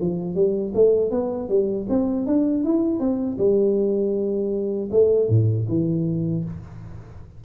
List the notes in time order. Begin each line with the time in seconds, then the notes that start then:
0.00 F3
0.35 G3
0.74 A3
1.10 B3
1.48 G3
1.89 C4
2.26 D4
2.64 E4
2.99 C4
3.38 G3
4.91 A3
5.29 A2
5.68 E3